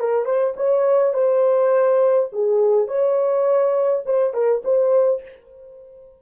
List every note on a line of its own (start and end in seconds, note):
0.00 0.26 A#4
0.26 0.55 C5
0.57 1.14 C#5
1.14 2.29 C5
2.33 2.88 G#4
2.88 4.04 C#5
4.06 4.34 C5
4.34 4.63 A#4
4.65 5.23 C5